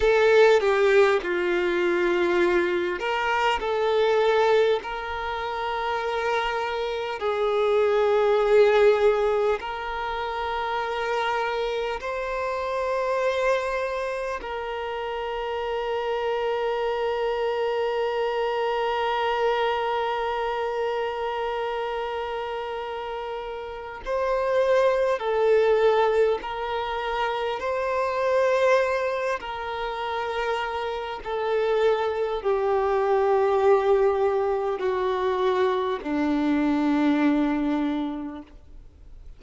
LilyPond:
\new Staff \with { instrumentName = "violin" } { \time 4/4 \tempo 4 = 50 a'8 g'8 f'4. ais'8 a'4 | ais'2 gis'2 | ais'2 c''2 | ais'1~ |
ais'1 | c''4 a'4 ais'4 c''4~ | c''8 ais'4. a'4 g'4~ | g'4 fis'4 d'2 | }